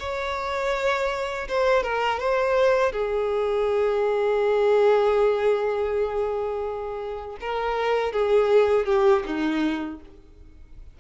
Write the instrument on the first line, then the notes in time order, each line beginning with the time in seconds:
violin
0.00 C#5
1.48 C5
1.83 A#4
2.20 C5
2.93 G#4
7.41 A#4
8.13 G#4
8.86 G4
9.26 D#4